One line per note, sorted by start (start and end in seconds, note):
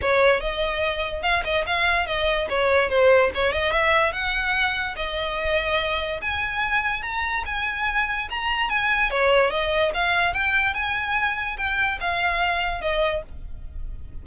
0.01 0.40 C#5
0.40 1.22 D#5
1.22 1.43 F5
1.44 1.65 D#5
1.66 2.06 F5
2.06 2.47 D#5
2.49 2.89 C#5
2.89 3.30 C5
3.34 3.52 C#5
3.52 3.72 D#5
3.72 4.12 E5
4.12 4.95 F#5
4.96 6.20 D#5
6.21 7.02 G#5
7.02 7.44 A#5
7.45 8.28 G#5
8.30 8.69 A#5
8.69 9.10 G#5
9.10 9.50 C#5
9.50 9.92 D#5
9.94 10.33 F5
10.33 10.74 G5
10.74 11.57 G#5
11.57 11.98 G5
12.00 12.81 F5
12.81 13.22 D#5